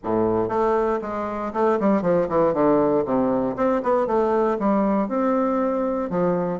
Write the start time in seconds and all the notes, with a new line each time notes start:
0.03 A2
0.48 A3
1.01 G#3
1.53 A3
1.80 G3
2.02 F3
2.28 E3
2.53 D3
3.05 C3
3.56 C4
3.82 B3
4.06 A3
4.59 G3
5.08 C4
6.10 F3